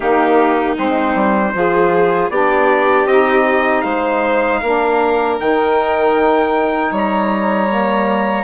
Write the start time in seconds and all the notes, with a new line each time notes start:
0.00 D#3 A#3 D#4 G4
0.76 G#3 C4 C5
1.14 G3
1.53 F3 F4 G#4
2.29 B3 D4 G4 D5
3.05 C4 D#4 D#5
3.81 G#3 C5 F5
4.61 A#3 D4 A#4
5.39 D#3 D#4 G5
6.91 G3 C#5 A#5
7.68 A#3